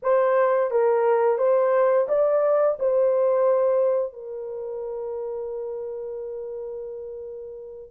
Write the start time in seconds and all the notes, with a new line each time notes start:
0.02 C5
0.71 A#4
1.38 C5
2.08 D5
2.79 C5
4.13 A#4